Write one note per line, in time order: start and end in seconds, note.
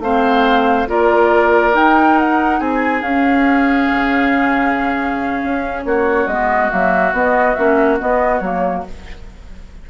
0.00 0.86 A3
0.00 0.88 C4
0.00 0.89 C5
0.00 0.88 F5
0.88 1.75 A#3
0.88 1.73 F4
0.88 2.60 A#4
0.88 1.76 D5
1.73 3.02 D#4
1.73 2.60 D#4
1.73 2.19 G5
2.19 2.60 F#5
2.60 3.02 C4
2.60 5.84 G#4
2.60 3.03 G#5
3.02 3.88 C#4
3.02 5.83 F5
3.08 6.30 C#4
3.92 5.43 C#3
5.43 5.85 C#4
5.84 6.27 A#3
5.84 8.90 F#4
5.84 6.27 C#5
6.27 6.70 G#3
6.27 6.70 B3
6.27 6.70 D#5
6.70 7.13 F#3
6.70 7.13 A#3
6.70 7.14 E5
7.13 7.56 B3
7.13 7.55 D#5
7.55 8.01 A#3
7.55 7.99 C#4
7.55 7.98 E5
7.99 8.42 B3
7.99 8.40 B3
7.99 8.40 D#5
8.40 8.84 F#3
8.40 8.85 A#3
8.40 8.83 C#5